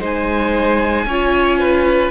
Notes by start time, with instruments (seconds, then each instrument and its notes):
0.00 cello G#3, viola D#4, violin C5 G#5
1.05 cello C#4, viola F4, violin C#5
1.59 violin B4